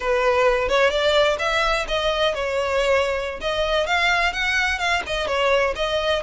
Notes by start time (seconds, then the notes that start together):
0.00 B4
0.68 C#5
0.90 D5
1.38 E5
1.87 D#5
2.34 C#5
3.40 D#5
3.86 F5
4.32 F#5
4.78 F5
5.06 D#5
5.27 C#5
5.75 D#5